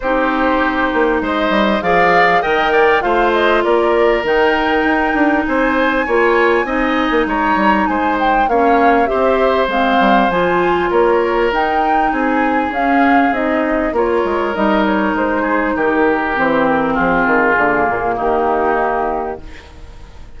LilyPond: <<
  \new Staff \with { instrumentName = "flute" } { \time 4/4 \tempo 4 = 99 c''2 dis''4 f''4 | g''4 f''8 dis''8 d''4 g''4~ | g''4 gis''2. | ais''4 gis''8 g''8 f''4 e''4 |
f''4 gis''4 cis''4 g''4 | gis''4 f''4 dis''4 cis''4 | dis''8 cis''8 c''4 ais'4 c''8 ais'8 | gis'2 g'2 | }
  \new Staff \with { instrumentName = "oboe" } { \time 4/4 g'2 c''4 d''4 | dis''8 d''8 c''4 ais'2~ | ais'4 c''4 cis''4 dis''4 | cis''4 c''4 cis''4 c''4~ |
c''2 ais'2 | gis'2. ais'4~ | ais'4. gis'8 g'2 | f'2 dis'2 | }
  \new Staff \with { instrumentName = "clarinet" } { \time 4/4 dis'2. gis'4 | ais'4 f'2 dis'4~ | dis'2 f'4 dis'4~ | dis'2 cis'4 g'4 |
c'4 f'2 dis'4~ | dis'4 cis'4 dis'4 f'4 | dis'2. c'4~ | c'4 ais2. | }
  \new Staff \with { instrumentName = "bassoon" } { \time 4/4 c'4. ais8 gis8 g8 f4 | dis4 a4 ais4 dis4 | dis'8 d'8 c'4 ais4 c'8. ais16 | gis8 g8 gis4 ais4 c'4 |
gis8 g8 f4 ais4 dis'4 | c'4 cis'4 c'4 ais8 gis8 | g4 gis4 dis4 e4 | f8 dis8 d8 ais,8 dis2 | }
>>